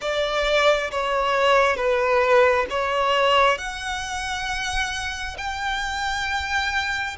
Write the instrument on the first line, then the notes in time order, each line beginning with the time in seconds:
violin
0.01 D5
0.91 C#5
1.76 B4
2.69 C#5
3.57 F#5
5.37 G5